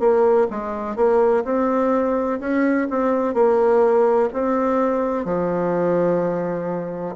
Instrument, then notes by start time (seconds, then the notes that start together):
bassoon
0.00 A#3
0.51 G#3
0.96 A#3
1.45 C4
2.40 C#4
2.90 C4
3.34 A#3
4.33 C4
5.25 F3